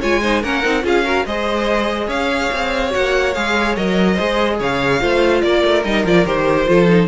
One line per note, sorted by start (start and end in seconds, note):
0.00 0.44 G#3
0.00 0.22 F4
0.00 0.21 C#5
0.00 0.44 G#5
0.21 0.44 D#4
0.21 0.42 C5
0.42 0.64 A#3
0.42 0.63 C#4
0.42 0.84 A#4
0.42 0.85 F#5
0.63 0.84 C4
0.63 0.83 D#4
0.83 1.25 C#4
0.83 1.04 F4
0.83 1.05 G#4
0.83 1.26 F5
1.04 1.24 F#4
1.04 1.26 A#4
1.26 2.08 G#3
1.26 2.90 G#4
1.26 2.08 C5
1.26 2.09 D#5
2.08 2.49 C#4
2.08 4.14 C#5
2.08 2.93 F5
2.52 2.94 C4
2.90 3.36 A#3
2.90 3.32 F#4
2.90 3.34 F#5
3.34 3.77 G#3
3.34 3.77 G#4
3.34 3.76 F5
3.77 4.19 F#3
3.77 4.18 A#4
3.77 4.60 D#5
4.14 4.60 G#3
4.14 5.00 G#4
4.14 4.56 C5
4.60 5.02 C#3
4.60 5.01 C#5
4.60 5.42 F5
5.00 5.43 A3
5.00 5.83 F4
5.00 5.43 C5
5.42 5.64 A#3
5.42 6.69 A#4
5.42 5.83 D5
5.65 5.84 A3
5.84 6.05 G3
5.84 6.06 D#4
5.84 6.05 D#5
6.05 6.26 F3
6.05 6.26 F4
6.05 6.27 D5
6.26 6.67 D#3
6.26 6.67 G4
6.26 7.08 C5
6.67 7.08 F3
6.67 6.87 F4
6.67 7.08 A4
6.88 7.08 D#4